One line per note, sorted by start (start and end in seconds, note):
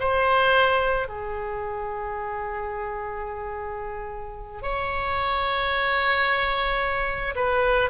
0.00 1.08 C5
1.08 4.62 G#4
4.62 7.35 C#5
7.35 7.90 B4